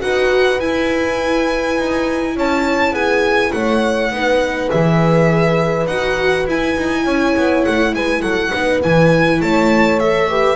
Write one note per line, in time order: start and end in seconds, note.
0.00 0.60 D#4
0.00 0.59 F#4
0.00 2.36 B4
0.00 0.60 F#5
0.60 1.77 E4
0.60 4.13 E4
0.60 2.36 G#5
1.78 2.36 D#4
2.36 2.92 C#4
2.36 2.92 C#5
2.36 2.95 A5
2.92 3.51 B3
2.92 3.51 G#4
2.92 3.52 G#5
3.52 4.11 A3
3.52 4.12 C#5
3.52 4.70 F#5
4.11 4.70 B3
4.11 4.70 D#4
4.11 7.04 B4
4.70 5.86 E3
4.70 5.87 G#4
4.70 5.87 E5
5.86 6.45 D#4
5.86 6.49 F#4
5.86 6.46 F#5
6.47 6.76 E4
6.47 8.53 E4
6.47 7.65 G#5
6.77 7.06 D#4
7.04 7.35 C#4
7.04 7.92 C#5
7.37 7.66 B3
7.65 7.94 A3
7.65 7.94 F#5
7.94 8.22 G#3
7.94 8.21 B4
7.94 8.22 G#5
8.21 8.52 F#3
8.21 8.50 A4
8.21 8.81 F#5
8.52 8.84 B3
8.52 8.83 D#4
8.52 9.41 B4
8.83 9.41 E3
8.83 10.00 E4
8.83 9.41 G#5
9.41 10.56 A3
9.41 10.29 C#5
9.41 9.99 A5
9.99 10.29 A4
9.99 10.56 E5
10.29 10.56 G4
10.29 10.56 B4